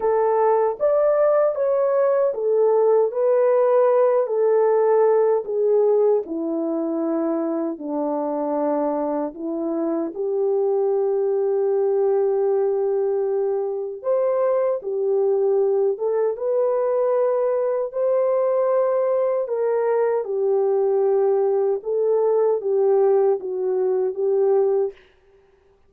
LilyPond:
\new Staff \with { instrumentName = "horn" } { \time 4/4 \tempo 4 = 77 a'4 d''4 cis''4 a'4 | b'4. a'4. gis'4 | e'2 d'2 | e'4 g'2.~ |
g'2 c''4 g'4~ | g'8 a'8 b'2 c''4~ | c''4 ais'4 g'2 | a'4 g'4 fis'4 g'4 | }